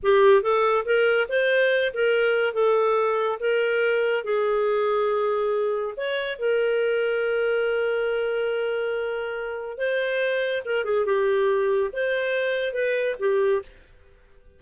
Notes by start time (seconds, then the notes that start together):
0.02 G4
0.42 A4
0.85 A#4
1.29 C5
1.93 A#4
2.53 A4
3.39 A#4
4.24 G#4
5.96 C#5
6.38 A#4
9.77 C5
10.65 A#4
10.84 G#4
11.05 G4
11.92 C5
12.73 B4
13.19 G4